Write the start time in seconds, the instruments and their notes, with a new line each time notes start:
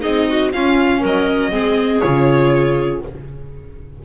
0.00 double bass C4, viola D#4, clarinet G#4, violin D#5
0.27 clarinet F#4
0.52 double bass C#4, viola C#4, clarinet F4, violin F5
0.99 double bass F#3, clarinet A#4
1.06 violin D#5
1.51 double bass G#3, viola C4, clarinet G#4
2.00 double bass C#3, viola F4, violin C#5